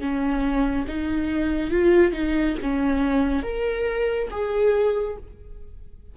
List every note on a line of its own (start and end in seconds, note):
0.00 0.86 C#4
0.87 1.71 D#4
1.71 2.12 F4
2.12 2.55 D#4
2.62 3.42 C#4
3.42 4.28 A#4
4.31 5.17 G#4